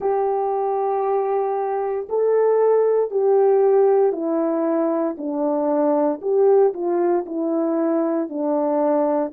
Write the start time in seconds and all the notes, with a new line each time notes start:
0.00 G4
2.09 A4
3.10 G4
4.12 E4
5.17 D4
6.21 G4
6.73 F4
7.26 E4
8.29 D4